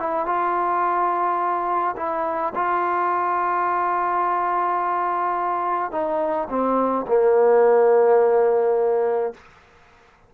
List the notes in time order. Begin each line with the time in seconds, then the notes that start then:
0.00 E4
0.26 F4
1.97 E4
2.55 F4
5.92 D#4
6.50 C4
7.08 A#3